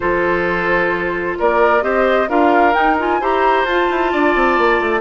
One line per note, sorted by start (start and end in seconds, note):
0.00 1.39 F3
0.00 1.81 F4
0.00 1.38 A4
0.00 1.38 C5
1.38 1.82 A#3
1.38 1.83 A#4
1.38 1.83 D5
1.81 2.28 C4
1.81 2.27 G4
1.81 2.29 C5
1.81 2.28 D#5
2.29 2.74 D4
2.29 2.73 F4
2.29 3.21 A#4
2.29 2.73 F5
2.73 2.96 D#4
2.73 3.20 D#4
2.73 2.96 G5
2.98 3.21 F4
2.98 3.23 G#5
3.20 3.63 E4
3.20 3.67 G4
3.20 4.12 C5
3.20 3.65 A#5
3.63 3.86 F4
3.63 5.00 A5
3.69 5.00 F4
3.90 4.13 E4
4.12 4.35 D4
4.12 5.00 D5
4.35 4.58 C4
4.58 4.80 A#3
4.80 5.00 A3